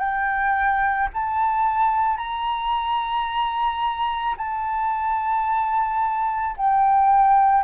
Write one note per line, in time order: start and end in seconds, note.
0.00 1.09 G5
1.14 2.17 A5
2.17 4.35 A#5
4.37 6.56 A5
6.57 7.64 G5